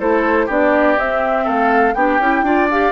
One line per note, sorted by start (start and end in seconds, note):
0.00 0.49 A3
0.00 0.49 E4
0.00 0.46 A4
0.00 0.50 C5
0.46 0.98 B3
0.46 0.97 D4
0.46 1.45 G4
0.46 0.99 D5
0.97 1.96 C4
0.97 1.47 C4
0.97 1.48 E5
1.45 1.95 A3
1.45 1.94 A4
1.45 1.94 F5
1.94 2.19 B3
1.94 2.21 D4
1.94 2.45 G4
1.94 2.68 G5
2.19 2.42 C#4
2.19 2.45 E4
2.42 2.92 D4
2.42 2.70 F4
2.42 2.93 D5
2.71 2.93 G4
2.71 2.93 F5